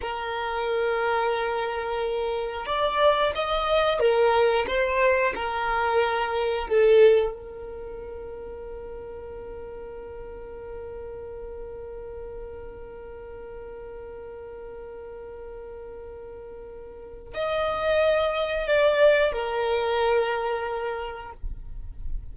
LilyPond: \new Staff \with { instrumentName = "violin" } { \time 4/4 \tempo 4 = 90 ais'1 | d''4 dis''4 ais'4 c''4 | ais'2 a'4 ais'4~ | ais'1~ |
ais'1~ | ais'1~ | ais'2 dis''2 | d''4 ais'2. | }